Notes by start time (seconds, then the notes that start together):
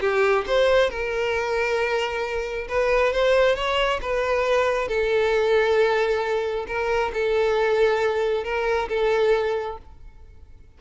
0.00 G4
0.46 C5
0.89 A#4
2.68 B4
3.13 C5
3.55 C#5
4.01 B4
4.88 A4
6.67 A#4
7.13 A4
8.43 A#4
8.88 A4